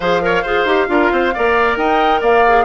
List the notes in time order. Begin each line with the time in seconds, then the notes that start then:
0.00 F3 G#4 C5 F5
0.21 A#4 C#5
0.42 F4 G#4 C5
0.65 D#4 G4
0.87 D4 F4 A#4
1.11 C4 C5
1.34 A#3 A#4 D5
1.76 D#4 D#5 G5
2.20 A#3 D5 F5
2.47 G#4